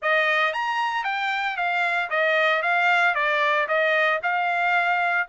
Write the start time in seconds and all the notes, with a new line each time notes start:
0.02 D#5
0.53 A#5
1.04 G5
1.56 F5
2.09 D#5
2.62 F5
3.14 D5
3.67 D#5
4.22 F5